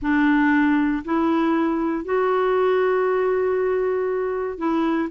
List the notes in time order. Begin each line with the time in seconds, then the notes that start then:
0.01 D4
1.04 E4
2.05 F#4
4.58 E4